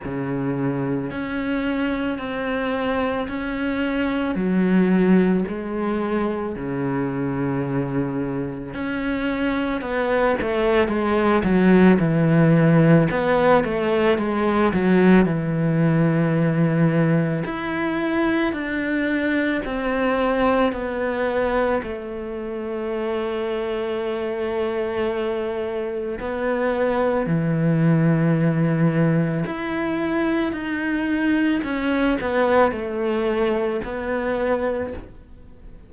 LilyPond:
\new Staff \with { instrumentName = "cello" } { \time 4/4 \tempo 4 = 55 cis4 cis'4 c'4 cis'4 | fis4 gis4 cis2 | cis'4 b8 a8 gis8 fis8 e4 | b8 a8 gis8 fis8 e2 |
e'4 d'4 c'4 b4 | a1 | b4 e2 e'4 | dis'4 cis'8 b8 a4 b4 | }